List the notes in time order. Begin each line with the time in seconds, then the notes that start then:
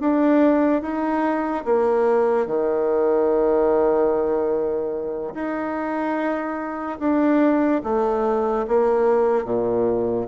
0.00 D4
0.82 D#4
1.64 A#3
2.46 D#3
5.34 D#4
6.99 D4
7.83 A3
8.67 A#3
9.44 A#2